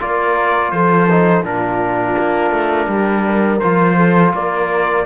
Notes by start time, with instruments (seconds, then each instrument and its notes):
0.00 cello A#3, trombone F4, horn A#4, trumpet D5
0.71 cello F3, horn A4, trumpet C5
1.11 trombone D#4
1.43 cello A#2, trombone D4, horn F4, trumpet A#4
2.18 cello A#3
2.51 cello A3
2.88 cello G3, horn G4
3.26 horn A#4
3.60 cello F3, trombone F4, trumpet C5
3.97 horn A4
4.34 cello A#3, horn A#4, trumpet D5